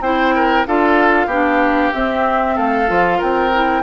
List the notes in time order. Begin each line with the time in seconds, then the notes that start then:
0.00 C4 E4 C5 G5
0.35 A#4
0.66 D4 F4 A4 F5
1.26 B3 D4 G4
1.93 C4 E5
2.55 A3 A4 F5
2.87 F3 F4
3.18 C4 A#4 G5
3.53 E4